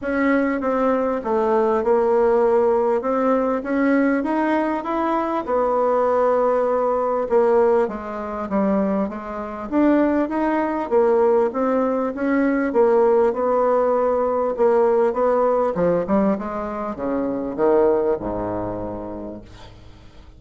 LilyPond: \new Staff \with { instrumentName = "bassoon" } { \time 4/4 \tempo 4 = 99 cis'4 c'4 a4 ais4~ | ais4 c'4 cis'4 dis'4 | e'4 b2. | ais4 gis4 g4 gis4 |
d'4 dis'4 ais4 c'4 | cis'4 ais4 b2 | ais4 b4 f8 g8 gis4 | cis4 dis4 gis,2 | }